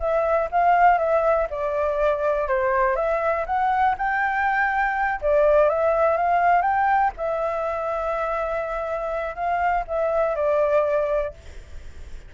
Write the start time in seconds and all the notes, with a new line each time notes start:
0.00 E5
0.51 F5
0.98 E5
1.50 D5
2.48 C5
2.96 E5
3.46 F#5
3.98 G5
5.22 D5
5.69 E5
6.17 F5
6.62 G5
7.17 E5
9.36 F5
9.88 E5
10.36 D5